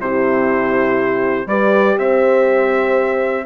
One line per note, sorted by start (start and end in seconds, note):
0.00 1.47 C3
0.00 1.49 E4
0.00 1.49 G4
0.00 1.49 C5
1.47 1.96 G3
1.47 3.46 G4
1.47 1.99 B4
1.47 1.98 D5
1.99 3.46 C4
1.99 3.46 C5
1.99 3.46 E5